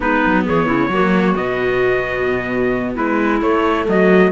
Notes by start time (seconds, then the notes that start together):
0.00 G#3 B3 D#4 B4
0.25 F#3
0.45 E3 G#4 C#5
0.66 C#3 E4
0.88 F#3 A#3 F#4
1.35 B2 B3 D#5
2.94 G#3 E4 B4
3.41 A3 C#5
3.88 F#3 F#4 D#5